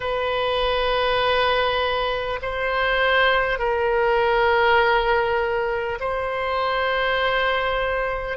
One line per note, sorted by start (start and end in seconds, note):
0.00 2.39 B4
2.42 3.58 C5
3.58 5.98 A#4
5.99 8.37 C5